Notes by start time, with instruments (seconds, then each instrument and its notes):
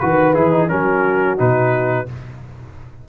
0.00 tuba D#3, trombone F#4, trumpet B4, horn B4
0.34 tuba E3, trombone E4, trumpet G#4
0.52 trombone D#4
0.69 tuba F#3, trombone C#4, horn F#4, trumpet A#4
1.37 tuba B2, trombone D#4, trumpet B4